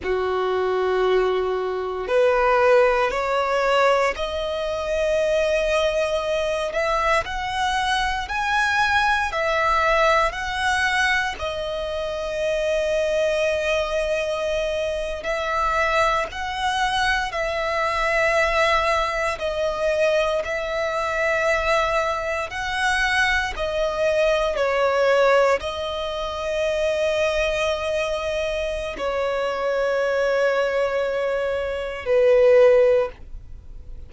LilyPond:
\new Staff \with { instrumentName = "violin" } { \time 4/4 \tempo 4 = 58 fis'2 b'4 cis''4 | dis''2~ dis''8 e''8 fis''4 | gis''4 e''4 fis''4 dis''4~ | dis''2~ dis''8. e''4 fis''16~ |
fis''8. e''2 dis''4 e''16~ | e''4.~ e''16 fis''4 dis''4 cis''16~ | cis''8. dis''2.~ dis''16 | cis''2. b'4 | }